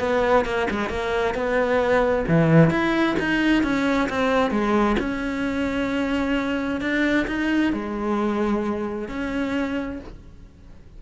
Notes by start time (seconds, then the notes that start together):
0.00 B3
0.45 A#3
0.71 G#3
0.89 A#3
1.35 B3
2.28 E3
2.71 E4
3.19 D#4
3.63 C#4
4.09 C4
4.51 G#3
5.00 C#4
6.81 D4
7.28 D#4
7.73 G#3
9.09 C#4